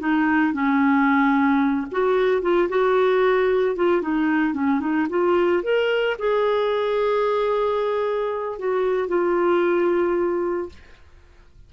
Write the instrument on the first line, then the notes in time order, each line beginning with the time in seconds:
clarinet
0.00 D#4
0.53 C#4
1.92 F#4
2.43 F4
2.69 F#4
3.76 F4
4.02 D#4
4.54 C#4
4.80 D#4
5.10 F4
5.63 A#4
6.19 G#4
8.59 F#4
9.09 F4